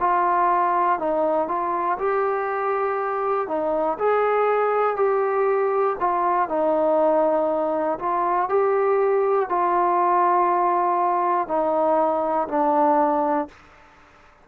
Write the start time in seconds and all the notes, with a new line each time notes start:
0.00 F4
0.99 D#4
1.48 F4
1.99 G4
3.48 D#4
3.99 G#4
4.96 G4
6.00 F4
6.49 D#4
8.00 F4
8.49 G4
9.50 F4
11.48 D#4
12.49 D4